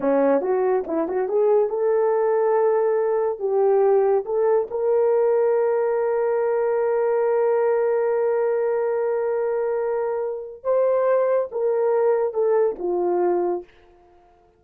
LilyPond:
\new Staff \with { instrumentName = "horn" } { \time 4/4 \tempo 4 = 141 cis'4 fis'4 e'8 fis'8 gis'4 | a'1 | g'2 a'4 ais'4~ | ais'1~ |
ais'1~ | ais'1~ | ais'4 c''2 ais'4~ | ais'4 a'4 f'2 | }